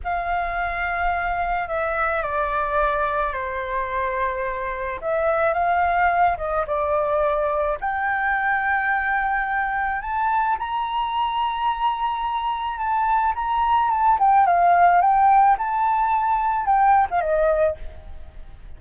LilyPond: \new Staff \with { instrumentName = "flute" } { \time 4/4 \tempo 4 = 108 f''2. e''4 | d''2 c''2~ | c''4 e''4 f''4. dis''8 | d''2 g''2~ |
g''2 a''4 ais''4~ | ais''2. a''4 | ais''4 a''8 g''8 f''4 g''4 | a''2 g''8. f''16 dis''4 | }